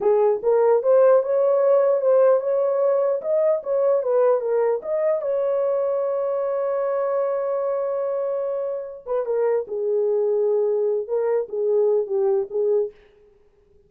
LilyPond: \new Staff \with { instrumentName = "horn" } { \time 4/4 \tempo 4 = 149 gis'4 ais'4 c''4 cis''4~ | cis''4 c''4 cis''2 | dis''4 cis''4 b'4 ais'4 | dis''4 cis''2.~ |
cis''1~ | cis''2~ cis''8 b'8 ais'4 | gis'2.~ gis'8 ais'8~ | ais'8 gis'4. g'4 gis'4 | }